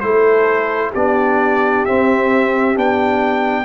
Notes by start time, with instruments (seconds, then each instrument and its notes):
0.00 tuba A3, trombone E4, horn A4, trumpet C5
0.91 tuba B3, trombone D4, horn G4, trumpet D5
1.85 trombone C4, tuba C4, trumpet E5
2.75 tuba B3, trombone D4, trumpet G5